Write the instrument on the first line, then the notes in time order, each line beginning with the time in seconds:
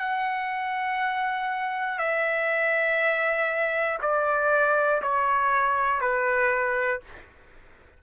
trumpet
0.00 F#5
1.99 E5
4.02 D5
5.02 C#5
6.01 B4